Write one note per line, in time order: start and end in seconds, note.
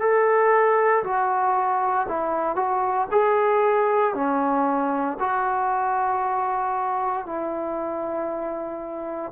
0.00 1.03 A4
1.04 2.07 F#4
2.09 2.56 E4
2.56 3.08 F#4
3.11 4.15 G#4
4.15 5.18 C#4
5.20 7.26 F#4
7.26 9.32 E4